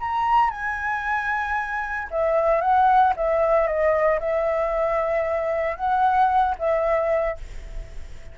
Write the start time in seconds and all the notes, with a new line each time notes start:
0.00 A#5
0.50 G#5
2.11 E5
2.61 F#5
3.16 E5
3.67 D#5
4.20 E5
5.77 F#5
6.59 E5